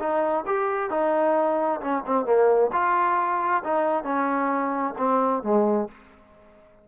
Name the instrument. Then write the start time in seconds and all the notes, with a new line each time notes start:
trombone
0.00 D#4
0.47 G4
0.91 D#4
1.81 C#4
2.07 C4
2.26 A#3
2.73 F4
3.64 D#4
4.04 C#4
4.98 C4
5.43 G#3